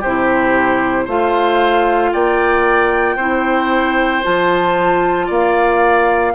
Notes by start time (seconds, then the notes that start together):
0.00 C3 G4 C5
0.07 E4
1.05 A3 F4 C5 F5
2.13 A#3 D5 G5
3.16 C4 E4 C5
4.23 F3 F4 A5
5.27 A#3 D5 F5